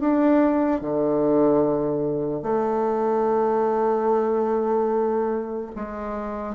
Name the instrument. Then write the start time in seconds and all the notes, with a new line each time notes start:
bassoon
0.00 D4
0.81 D3
2.42 A3
5.76 G#3